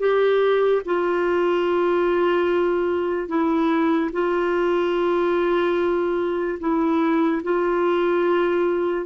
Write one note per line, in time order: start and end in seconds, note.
0.00 0.82 G4
0.86 3.29 F4
3.29 4.11 E4
4.13 6.59 F4
6.60 7.42 E4
7.44 9.06 F4